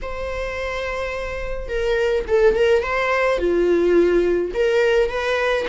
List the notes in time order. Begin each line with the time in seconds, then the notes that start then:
0.02 C5
1.68 A#4
2.27 A4
2.55 A#4
2.83 C5
3.38 F4
4.54 A#4
5.09 B4